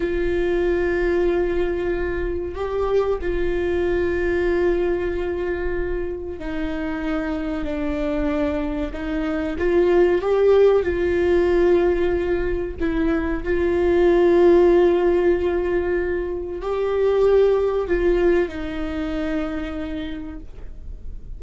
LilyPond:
\new Staff \with { instrumentName = "viola" } { \time 4/4 \tempo 4 = 94 f'1 | g'4 f'2.~ | f'2 dis'2 | d'2 dis'4 f'4 |
g'4 f'2. | e'4 f'2.~ | f'2 g'2 | f'4 dis'2. | }